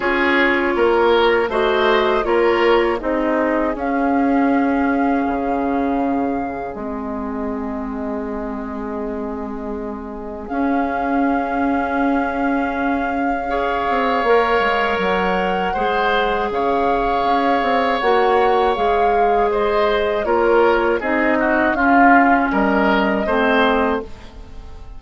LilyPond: <<
  \new Staff \with { instrumentName = "flute" } { \time 4/4 \tempo 4 = 80 cis''2 dis''4 cis''4 | dis''4 f''2.~ | f''4 dis''2.~ | dis''2 f''2~ |
f''1 | fis''2 f''2 | fis''4 f''4 dis''4 cis''4 | dis''4 f''4 dis''2 | }
  \new Staff \with { instrumentName = "oboe" } { \time 4/4 gis'4 ais'4 c''4 ais'4 | gis'1~ | gis'1~ | gis'1~ |
gis'2 cis''2~ | cis''4 c''4 cis''2~ | cis''2 c''4 ais'4 | gis'8 fis'8 f'4 ais'4 c''4 | }
  \new Staff \with { instrumentName = "clarinet" } { \time 4/4 f'2 fis'4 f'4 | dis'4 cis'2.~ | cis'4 c'2.~ | c'2 cis'2~ |
cis'2 gis'4 ais'4~ | ais'4 gis'2. | fis'4 gis'2 f'4 | dis'4 cis'2 c'4 | }
  \new Staff \with { instrumentName = "bassoon" } { \time 4/4 cis'4 ais4 a4 ais4 | c'4 cis'2 cis4~ | cis4 gis2.~ | gis2 cis'2~ |
cis'2~ cis'8 c'8 ais8 gis8 | fis4 gis4 cis4 cis'8 c'8 | ais4 gis2 ais4 | c'4 cis'4 g4 a4 | }
>>